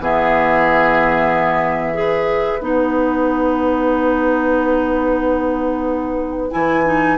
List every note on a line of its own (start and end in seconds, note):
0.00 2.60 E3
0.00 1.94 B3
0.00 1.98 G#4
0.00 2.62 E5
1.94 2.60 G#4
1.94 7.18 B4
2.60 6.51 B3
2.60 6.51 D#4
2.60 6.52 F#5
6.51 7.18 E3
6.51 6.84 E4
6.51 7.17 G#5
6.86 7.18 D#4